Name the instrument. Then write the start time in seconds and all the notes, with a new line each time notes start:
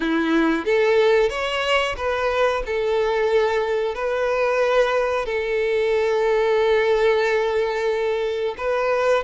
violin
0.00 E4
0.65 A4
1.29 C#5
1.96 B4
2.66 A4
3.94 B4
5.25 A4
8.57 B4